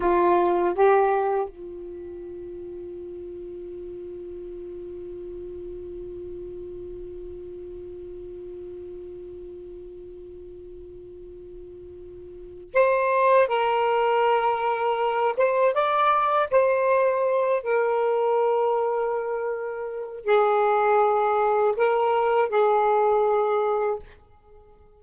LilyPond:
\new Staff \with { instrumentName = "saxophone" } { \time 4/4 \tempo 4 = 80 f'4 g'4 f'2~ | f'1~ | f'1~ | f'1~ |
f'4 c''4 ais'2~ | ais'8 c''8 d''4 c''4. ais'8~ | ais'2. gis'4~ | gis'4 ais'4 gis'2 | }